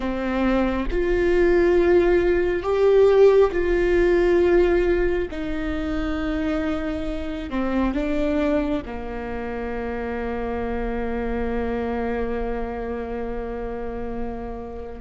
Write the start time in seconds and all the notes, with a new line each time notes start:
0.00 C4
0.91 F4
2.62 G4
3.51 F4
5.31 D#4
7.50 C4
7.94 D4
8.85 A#3